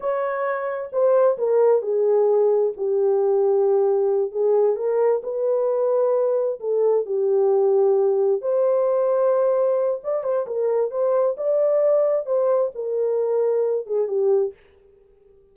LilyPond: \new Staff \with { instrumentName = "horn" } { \time 4/4 \tempo 4 = 132 cis''2 c''4 ais'4 | gis'2 g'2~ | g'4. gis'4 ais'4 b'8~ | b'2~ b'8 a'4 g'8~ |
g'2~ g'8 c''4.~ | c''2 d''8 c''8 ais'4 | c''4 d''2 c''4 | ais'2~ ais'8 gis'8 g'4 | }